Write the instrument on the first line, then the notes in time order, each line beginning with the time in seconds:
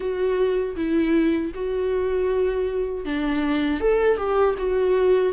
viola
0.00 F#4
0.76 E4
1.54 F#4
3.05 D4
3.80 A4
4.17 G4
4.58 F#4